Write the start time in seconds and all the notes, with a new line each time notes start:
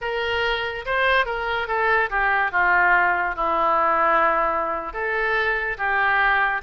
0.01 A#4
0.85 C5
1.25 A#4
1.67 A4
2.10 G4
2.51 F4
3.35 E4
4.93 A4
5.77 G4